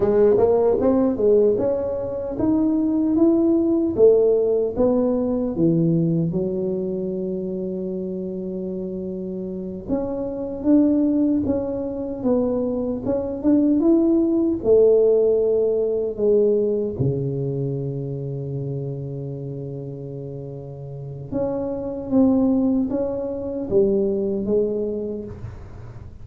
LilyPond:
\new Staff \with { instrumentName = "tuba" } { \time 4/4 \tempo 4 = 76 gis8 ais8 c'8 gis8 cis'4 dis'4 | e'4 a4 b4 e4 | fis1~ | fis8 cis'4 d'4 cis'4 b8~ |
b8 cis'8 d'8 e'4 a4.~ | a8 gis4 cis2~ cis8~ | cis2. cis'4 | c'4 cis'4 g4 gis4 | }